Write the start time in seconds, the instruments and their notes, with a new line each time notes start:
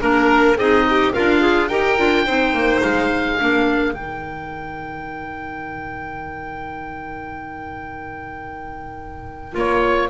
0.00 double bass A#3, clarinet D4, oboe A#4, violin A#4
0.56 double bass C4, clarinet D#4, violin G#4, oboe D#5
0.89 violin G4
1.13 double bass D4, violin F4, clarinet A#4, oboe F5
1.41 clarinet G#4
1.68 double bass D#4, clarinet G4, violin A#4, oboe G5
1.98 double bass D4, clarinet F4
2.26 double bass C4, clarinet D#4, violin C5
2.53 double bass A#3
2.83 double bass G#3, oboe F5
3.36 double bass A#3, clarinet D4, violin A#4
3.94 double bass D#3, clarinet D#4, oboe G5
9.52 double bass A#3, clarinet F4, oboe C#5